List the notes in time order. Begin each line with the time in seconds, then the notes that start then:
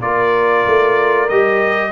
0.00 A#3 F4 A#4 D5
0.66 A3
1.29 G3 G4 D#5